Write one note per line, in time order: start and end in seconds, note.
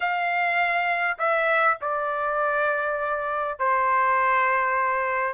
0.00 1.17 F5
1.18 1.77 E5
1.81 3.58 D5
3.58 5.33 C5